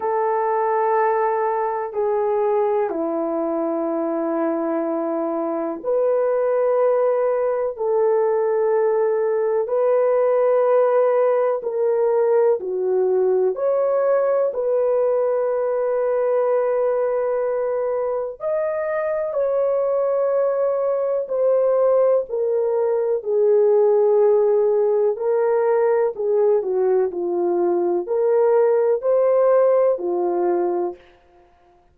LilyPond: \new Staff \with { instrumentName = "horn" } { \time 4/4 \tempo 4 = 62 a'2 gis'4 e'4~ | e'2 b'2 | a'2 b'2 | ais'4 fis'4 cis''4 b'4~ |
b'2. dis''4 | cis''2 c''4 ais'4 | gis'2 ais'4 gis'8 fis'8 | f'4 ais'4 c''4 f'4 | }